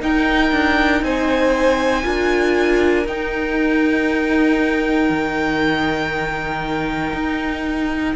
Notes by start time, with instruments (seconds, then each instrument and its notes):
0.00 viola D#4, cello D#4, violin A#4 G5
0.52 cello D4
1.02 cello C4, violin C5 G#5
2.03 cello D4, viola F4, violin A#4
3.06 viola D#4, cello D#4, violin G5
5.09 cello D#3
7.13 cello D#4